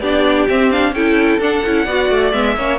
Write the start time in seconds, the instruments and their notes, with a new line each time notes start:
0.00 cello B3, viola D4, violin G4 D5
0.48 cello C4, viola C4, violin E5
0.71 viola D4, violin F5
0.92 cello C#4, viola E4, violin A4 G5
1.39 cello D4, viola D4, violin F#5
1.66 cello C#4, viola E4
1.85 cello B3, viola F#4, violin D5
2.10 cello A3
2.32 cello G#3, viola B3, violin E5
2.56 cello A#3, viola C#4, violin C#5